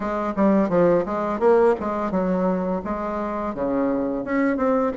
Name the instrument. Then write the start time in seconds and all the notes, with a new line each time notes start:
bassoon
0.00 G#3
0.36 G3
0.69 F3
1.05 G#3
1.39 A#3
1.80 G#3
2.11 F#3
2.84 G#3
3.54 C#3
4.24 C#4
4.57 C4